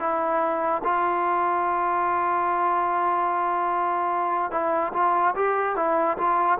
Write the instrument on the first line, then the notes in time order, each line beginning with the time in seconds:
trombone
0.00 E4
0.84 F4
4.52 E4
4.94 F4
5.36 G4
5.76 E4
6.18 F4